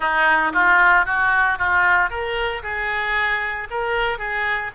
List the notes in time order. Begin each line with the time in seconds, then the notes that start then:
0.00 D#4
0.53 F4
1.05 F#4
1.58 F4
2.09 A#4
2.62 G#4
3.70 A#4
4.18 G#4